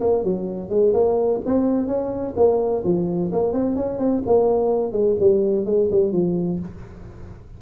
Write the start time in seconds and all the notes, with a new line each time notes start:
0.00 A#3
0.23 F#3
0.69 G#3
0.93 A#3
1.45 C4
1.87 C#4
2.36 A#3
2.83 F3
3.32 A#3
3.52 C4
3.75 C#4
3.98 C4
4.26 A#3
4.92 G#3
5.19 G3
5.65 G#3
5.91 G3
6.12 F3